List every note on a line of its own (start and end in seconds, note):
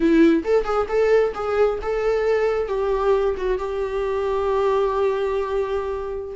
0.00 0.43 E4
0.44 0.64 A4
0.64 0.86 G#4
0.88 1.33 A4
1.34 1.79 G#4
1.82 2.67 A4
2.67 3.35 G4
3.37 3.58 F#4
3.58 6.36 G4